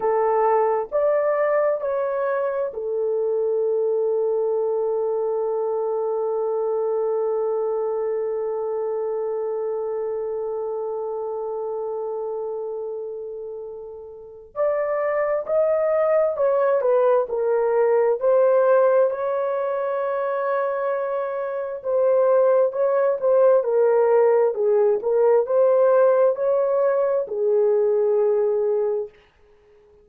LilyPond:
\new Staff \with { instrumentName = "horn" } { \time 4/4 \tempo 4 = 66 a'4 d''4 cis''4 a'4~ | a'1~ | a'1~ | a'1 |
d''4 dis''4 cis''8 b'8 ais'4 | c''4 cis''2. | c''4 cis''8 c''8 ais'4 gis'8 ais'8 | c''4 cis''4 gis'2 | }